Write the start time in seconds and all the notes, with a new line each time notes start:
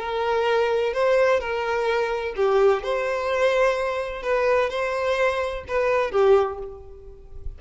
0.00 A#4
0.94 C5
1.40 A#4
2.37 G4
2.83 C5
4.23 B4
4.70 C5
5.68 B4
6.12 G4